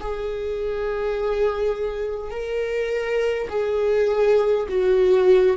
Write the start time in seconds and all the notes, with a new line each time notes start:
0.00 G#4
2.31 A#4
3.49 G#4
4.68 F#4